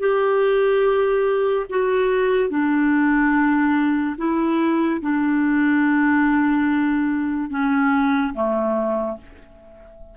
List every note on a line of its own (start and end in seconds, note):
0.00 1.67 G4
1.70 2.50 F#4
2.50 4.17 D4
4.18 5.01 E4
5.02 7.50 D4
7.50 8.34 C#4
8.34 9.17 A3